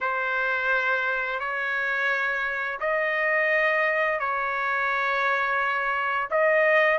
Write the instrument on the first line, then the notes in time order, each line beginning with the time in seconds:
trumpet
0.00 C5
1.39 C#5
2.79 D#5
4.19 C#5
6.30 D#5